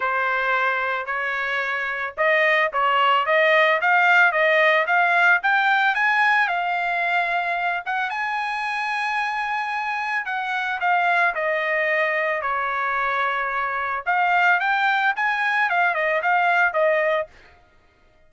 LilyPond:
\new Staff \with { instrumentName = "trumpet" } { \time 4/4 \tempo 4 = 111 c''2 cis''2 | dis''4 cis''4 dis''4 f''4 | dis''4 f''4 g''4 gis''4 | f''2~ f''8 fis''8 gis''4~ |
gis''2. fis''4 | f''4 dis''2 cis''4~ | cis''2 f''4 g''4 | gis''4 f''8 dis''8 f''4 dis''4 | }